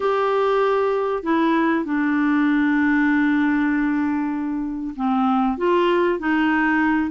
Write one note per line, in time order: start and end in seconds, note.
0.00 1.23 G4
1.23 1.84 E4
1.84 4.94 D4
4.95 5.57 C4
5.57 6.19 F4
6.19 7.10 D#4